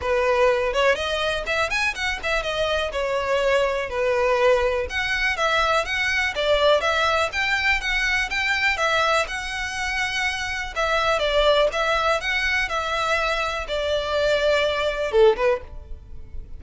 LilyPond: \new Staff \with { instrumentName = "violin" } { \time 4/4 \tempo 4 = 123 b'4. cis''8 dis''4 e''8 gis''8 | fis''8 e''8 dis''4 cis''2 | b'2 fis''4 e''4 | fis''4 d''4 e''4 g''4 |
fis''4 g''4 e''4 fis''4~ | fis''2 e''4 d''4 | e''4 fis''4 e''2 | d''2. a'8 b'8 | }